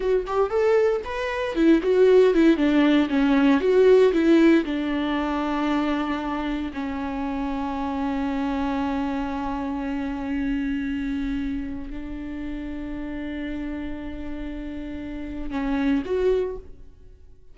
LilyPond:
\new Staff \with { instrumentName = "viola" } { \time 4/4 \tempo 4 = 116 fis'8 g'8 a'4 b'4 e'8 fis'8~ | fis'8 e'8 d'4 cis'4 fis'4 | e'4 d'2.~ | d'4 cis'2.~ |
cis'1~ | cis'2. d'4~ | d'1~ | d'2 cis'4 fis'4 | }